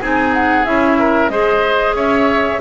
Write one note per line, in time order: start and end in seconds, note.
0.00 0.66 C4
0.00 0.65 D#4
0.00 0.98 G#4
0.00 0.33 G#5
0.33 0.65 F#5
0.65 1.29 C#4
0.65 1.29 E4
0.65 1.29 E5
0.99 1.31 A#4
1.29 1.94 G#3
1.29 2.60 G#4
1.29 1.96 C5
1.29 1.94 D#5
1.94 2.59 C#4
1.94 2.61 C#5
1.94 2.61 E5